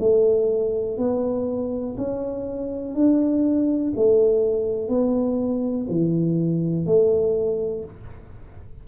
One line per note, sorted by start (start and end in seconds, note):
0.00 0.98 A3
0.98 1.96 B3
1.98 2.95 C#4
2.95 3.93 D4
3.97 4.89 A3
4.89 5.87 B3
5.90 6.86 E3
6.86 7.85 A3